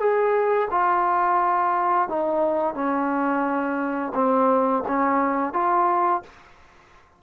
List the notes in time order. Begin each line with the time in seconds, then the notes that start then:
0.00 G#4
0.71 F4
2.09 D#4
2.75 C#4
4.15 C4
4.88 C#4
5.54 F4